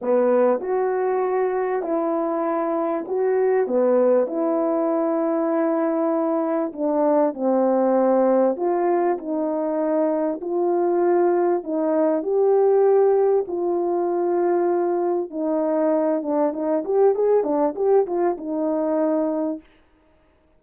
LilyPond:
\new Staff \with { instrumentName = "horn" } { \time 4/4 \tempo 4 = 98 b4 fis'2 e'4~ | e'4 fis'4 b4 e'4~ | e'2. d'4 | c'2 f'4 dis'4~ |
dis'4 f'2 dis'4 | g'2 f'2~ | f'4 dis'4. d'8 dis'8 g'8 | gis'8 d'8 g'8 f'8 dis'2 | }